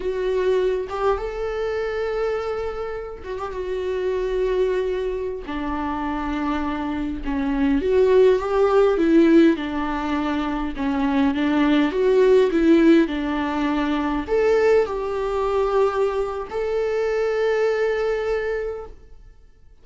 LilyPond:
\new Staff \with { instrumentName = "viola" } { \time 4/4 \tempo 4 = 102 fis'4. g'8 a'2~ | a'4. fis'16 g'16 fis'2~ | fis'4~ fis'16 d'2~ d'8.~ | d'16 cis'4 fis'4 g'4 e'8.~ |
e'16 d'2 cis'4 d'8.~ | d'16 fis'4 e'4 d'4.~ d'16~ | d'16 a'4 g'2~ g'8. | a'1 | }